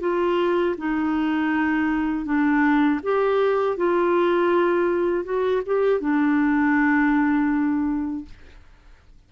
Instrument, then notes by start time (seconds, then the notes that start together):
clarinet
0.00 F4
0.77 D#4
2.25 D4
3.03 G4
3.77 F4
5.24 F#4
5.66 G4
6.00 D4